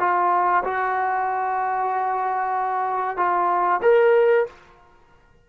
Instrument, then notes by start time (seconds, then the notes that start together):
trombone
0.00 F4
0.64 F#4
3.17 F4
3.83 A#4